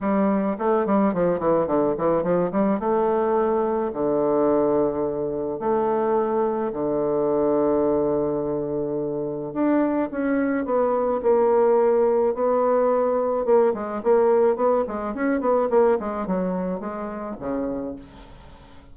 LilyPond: \new Staff \with { instrumentName = "bassoon" } { \time 4/4 \tempo 4 = 107 g4 a8 g8 f8 e8 d8 e8 | f8 g8 a2 d4~ | d2 a2 | d1~ |
d4 d'4 cis'4 b4 | ais2 b2 | ais8 gis8 ais4 b8 gis8 cis'8 b8 | ais8 gis8 fis4 gis4 cis4 | }